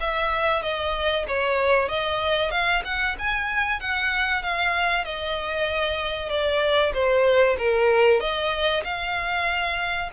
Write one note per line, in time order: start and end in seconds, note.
0.00 0.62 E5
0.62 1.25 D#5
1.27 1.88 C#5
1.88 2.51 D#5
2.51 2.82 F5
2.84 3.16 F#5
3.18 3.80 G#5
3.80 4.42 F#5
4.42 5.04 F5
5.04 6.29 D#5
6.29 6.92 D5
6.93 7.56 C5
7.58 8.20 A#4
8.20 8.83 D#5
8.84 10.10 F5